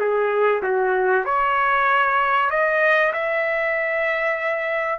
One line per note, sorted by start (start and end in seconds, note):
0.00 0.62 G#4
0.63 1.26 F#4
1.26 2.50 C#5
2.50 3.13 D#5
3.13 5.00 E5